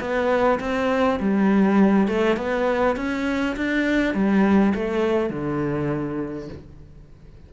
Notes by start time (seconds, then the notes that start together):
0.00 B3
0.60 C4
1.20 G3
2.07 A3
2.36 B3
2.96 C#4
3.56 D4
4.14 G3
4.74 A3
5.29 D3